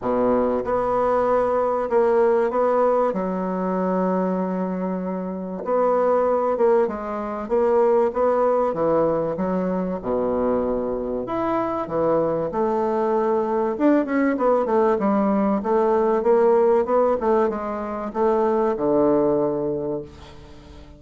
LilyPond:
\new Staff \with { instrumentName = "bassoon" } { \time 4/4 \tempo 4 = 96 b,4 b2 ais4 | b4 fis2.~ | fis4 b4. ais8 gis4 | ais4 b4 e4 fis4 |
b,2 e'4 e4 | a2 d'8 cis'8 b8 a8 | g4 a4 ais4 b8 a8 | gis4 a4 d2 | }